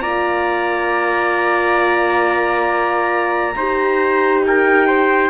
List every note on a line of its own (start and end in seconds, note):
0.00 3.55 A#3
0.00 3.54 F4
0.00 3.55 D5
0.00 4.41 A#5
3.56 5.30 D#4
3.56 5.30 G4
3.56 4.44 C5
4.45 4.87 A#4
4.45 5.30 G5
4.87 5.30 C5